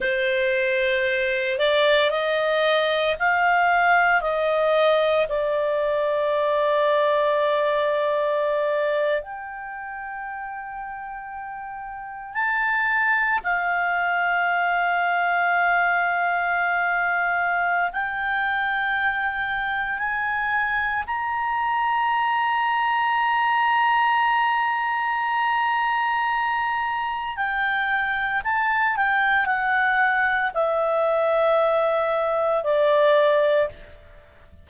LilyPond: \new Staff \with { instrumentName = "clarinet" } { \time 4/4 \tempo 4 = 57 c''4. d''8 dis''4 f''4 | dis''4 d''2.~ | d''8. g''2. a''16~ | a''8. f''2.~ f''16~ |
f''4 g''2 gis''4 | ais''1~ | ais''2 g''4 a''8 g''8 | fis''4 e''2 d''4 | }